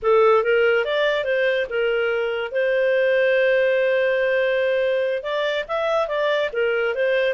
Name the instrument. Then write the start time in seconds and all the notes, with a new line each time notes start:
clarinet
0.02 A4
0.43 A#4
0.84 D5
1.24 C5
1.69 A#4
2.51 C5
5.22 D5
5.68 E5
6.07 D5
6.52 A#4
6.94 C5